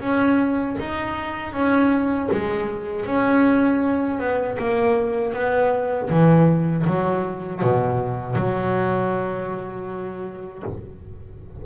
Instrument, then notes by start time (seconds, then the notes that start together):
double bass
0.00 C#4
0.79 D#4
1.53 C#4
2.31 G#3
3.06 C#4
4.19 B3
4.58 A#3
5.33 B3
6.10 E3
6.86 F#3
7.62 B2
8.35 F#3